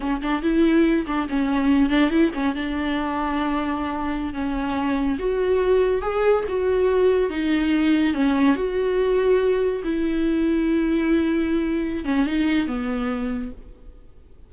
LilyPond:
\new Staff \with { instrumentName = "viola" } { \time 4/4 \tempo 4 = 142 cis'8 d'8 e'4. d'8 cis'4~ | cis'8 d'8 e'8 cis'8 d'2~ | d'2~ d'16 cis'4.~ cis'16~ | cis'16 fis'2 gis'4 fis'8.~ |
fis'4~ fis'16 dis'2 cis'8.~ | cis'16 fis'2. e'8.~ | e'1~ | e'8 cis'8 dis'4 b2 | }